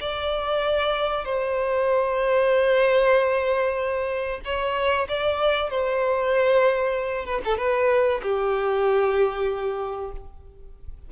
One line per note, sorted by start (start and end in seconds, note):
0.00 1.24 D5
1.24 4.40 C5
4.44 5.08 C#5
5.08 5.70 D5
5.70 7.25 C5
7.25 7.41 B4
7.44 7.57 A4
7.57 8.20 B4
8.22 10.11 G4